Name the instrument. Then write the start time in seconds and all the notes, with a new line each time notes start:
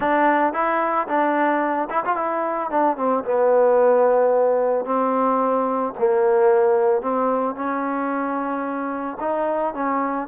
trombone
0.00 D4
0.53 E4
1.07 D4
1.90 E4
2.05 F4
2.16 E4
2.70 D4
2.97 C4
3.24 B3
4.85 C4
5.98 A#3
7.01 C4
7.55 C#4
9.19 D#4
9.74 C#4